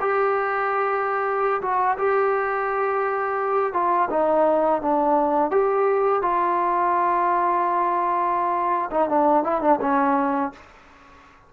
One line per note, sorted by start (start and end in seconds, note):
0.00 1.61 G4
1.61 1.97 F#4
1.98 3.73 G4
3.73 4.09 F4
4.10 4.81 D#4
4.81 5.50 D4
5.50 6.22 G4
6.22 8.90 F4
8.91 9.08 D#4
9.09 9.44 D4
9.44 9.61 E4
9.61 9.79 D4
9.81 10.52 C#4